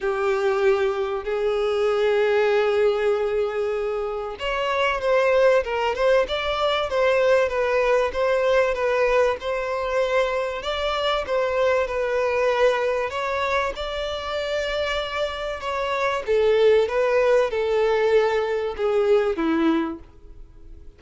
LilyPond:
\new Staff \with { instrumentName = "violin" } { \time 4/4 \tempo 4 = 96 g'2 gis'2~ | gis'2. cis''4 | c''4 ais'8 c''8 d''4 c''4 | b'4 c''4 b'4 c''4~ |
c''4 d''4 c''4 b'4~ | b'4 cis''4 d''2~ | d''4 cis''4 a'4 b'4 | a'2 gis'4 e'4 | }